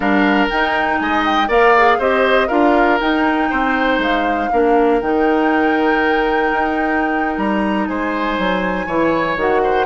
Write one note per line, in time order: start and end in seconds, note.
0.00 0.47 G3
0.00 0.49 D4
0.00 0.98 A#4
0.00 0.47 F5
0.49 1.00 D#4
0.49 1.48 D#4
0.49 0.99 G5
0.99 1.48 G#3
0.99 1.48 D#5
0.99 1.24 G#5
1.25 1.50 G5
1.48 1.98 A#3
1.48 1.73 A#4
1.48 1.98 D5
1.48 2.00 F5
1.77 2.00 G#4
1.98 2.48 C4
1.98 2.48 G4
1.98 2.47 C5
1.98 2.48 D#5
2.47 3.00 D4
2.47 2.98 F4
2.47 3.47 A#4
2.47 2.98 F5
3.00 4.50 D#4
3.00 3.51 D#4
3.00 4.00 G5
3.50 3.98 C4
3.50 4.50 C5
3.98 4.48 G#3
3.98 5.00 F5
4.51 5.01 A#3
4.51 5.01 D4
4.51 7.88 A#4
5.00 6.51 D#3
5.00 8.89 D#4
5.00 7.37 G5
6.53 7.37 D#4
7.37 7.87 G3
7.37 7.87 A#5
7.87 8.38 G#3
7.87 8.86 C5
7.87 9.37 G#5
8.38 8.86 F#3
8.86 9.36 E3
8.86 9.37 E4
8.86 9.61 C#5
9.36 9.85 D#3
9.36 9.85 F#4
9.36 9.85 F#5
9.63 9.85 C5